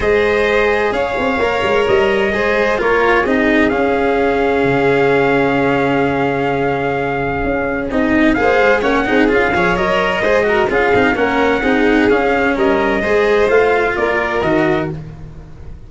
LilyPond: <<
  \new Staff \with { instrumentName = "trumpet" } { \time 4/4 \tempo 4 = 129 dis''2 f''2 | dis''2 cis''4 dis''4 | f''1~ | f''1~ |
f''4 dis''4 f''4 fis''4 | f''4 dis''2 f''4 | fis''2 f''4 dis''4~ | dis''4 f''4 d''4 dis''4 | }
  \new Staff \with { instrumentName = "violin" } { \time 4/4 c''2 cis''2~ | cis''4 c''4 ais'4 gis'4~ | gis'1~ | gis'1~ |
gis'2 c''4 cis''8 gis'8~ | gis'8 cis''4. c''8 ais'8 gis'4 | ais'4 gis'2 ais'4 | c''2 ais'2 | }
  \new Staff \with { instrumentName = "cello" } { \time 4/4 gis'2. ais'4~ | ais'4 gis'4 f'4 dis'4 | cis'1~ | cis'1~ |
cis'4 dis'4 gis'4 cis'8 dis'8 | f'8 gis'8 ais'4 gis'8 fis'8 f'8 dis'8 | cis'4 dis'4 cis'2 | gis'4 f'2 fis'4 | }
  \new Staff \with { instrumentName = "tuba" } { \time 4/4 gis2 cis'8 c'8 ais8 gis8 | g4 gis4 ais4 c'4 | cis'2 cis2~ | cis1 |
cis'4 c'4 ais8 gis8 ais8 c'8 | cis'8 f8 fis4 gis4 cis'8 c'8 | ais4 c'4 cis'4 g4 | gis4 a4 ais4 dis4 | }
>>